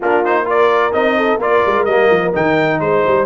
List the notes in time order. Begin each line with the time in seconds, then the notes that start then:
0.00 A#3 D4 F4 A#4
0.24 D#4 C5
0.45 F4 A#4 D5
0.92 C4 D#4 D#5
1.17 A4
1.38 A#3 F4 A#4 D5
1.65 G#3
1.84 G3 A#3 D#5
2.10 F3
2.33 D#3 D#4 G5
2.80 G#3 C5
3.06 G3